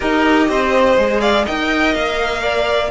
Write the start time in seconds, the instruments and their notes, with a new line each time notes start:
0.00 cello D#4, viola G4, violin A#4 D#5
0.48 cello C4, violin C5
0.97 cello G#3, viola G#4
1.20 violin D5 F5
1.44 cello D#4, viola A#4, violin D#5 G5
1.94 cello A#3, violin F5
2.42 violin D5